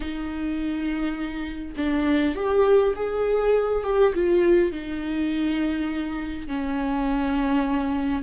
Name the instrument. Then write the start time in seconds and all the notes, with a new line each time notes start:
viola
0.00 D#4
1.76 D4
2.35 G4
2.95 G#4
3.83 G4
4.14 F4
4.72 D#4
6.47 C#4